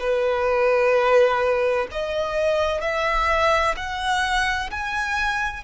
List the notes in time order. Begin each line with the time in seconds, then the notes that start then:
0.00 B4
1.92 D#5
2.82 E5
3.77 F#5
4.71 G#5